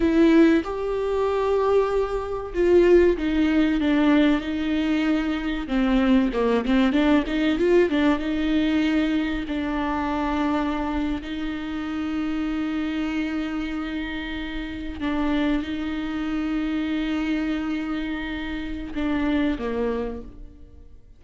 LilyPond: \new Staff \with { instrumentName = "viola" } { \time 4/4 \tempo 4 = 95 e'4 g'2. | f'4 dis'4 d'4 dis'4~ | dis'4 c'4 ais8 c'8 d'8 dis'8 | f'8 d'8 dis'2 d'4~ |
d'4.~ d'16 dis'2~ dis'16~ | dis'2.~ dis'8. d'16~ | d'8. dis'2.~ dis'16~ | dis'2 d'4 ais4 | }